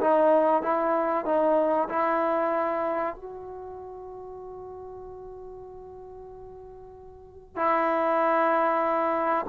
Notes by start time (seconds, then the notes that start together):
0.00 D#4
0.62 E4
1.25 D#4
1.89 E4
3.16 F#4
7.56 E4